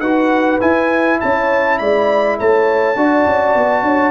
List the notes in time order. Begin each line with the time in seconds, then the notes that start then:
0.00 D#4 F#4 B4 F#5
0.61 E4 G#5
1.21 C#4 C#5 A5
1.79 G#3 D5 B5
2.39 A3 C#5 A5
2.96 D4 F#4 D5
3.27 C#4
3.55 B3
3.83 D4 C#5